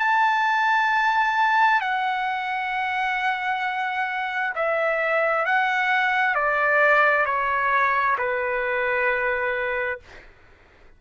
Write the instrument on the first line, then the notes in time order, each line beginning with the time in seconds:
trumpet
0.00 A5
1.81 F#5
4.56 E5
5.46 F#5
6.35 D5
7.26 C#5
8.18 B4